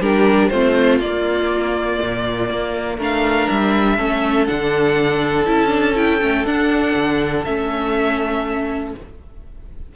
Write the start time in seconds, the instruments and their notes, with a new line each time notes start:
0.00 cello G3, viola D4, violin G4 A#4
0.48 cello A3, viola C4, violin F4 C5
0.99 cello A#3, viola A#3, violin D5
2.01 cello A#2
2.50 cello A#3
2.97 cello A3, viola D4, violin A#4 F5
3.49 cello G3, violin E5
3.96 cello A3, viola C#4, violin A4
4.46 cello D3, viola D4, violin F#5
5.46 cello C#4, viola E4, violin A5
5.68 viola D4
5.95 viola E4, violin G5
6.20 cello A3, viola C#4
6.45 cello D4, viola D4, violin F#5
6.95 cello D3
7.44 cello A3, viola C#4, violin E5